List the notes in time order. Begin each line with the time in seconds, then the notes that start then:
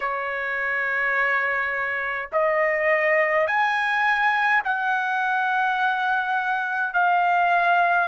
0.00 C#5
2.32 D#5
3.47 G#5
4.64 F#5
6.93 F5